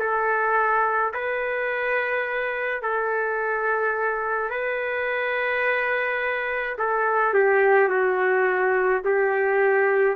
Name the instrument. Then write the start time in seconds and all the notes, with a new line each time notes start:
trumpet
0.00 A4
1.14 B4
2.83 A4
4.50 B4
6.79 A4
7.34 G4
7.89 F#4
9.05 G4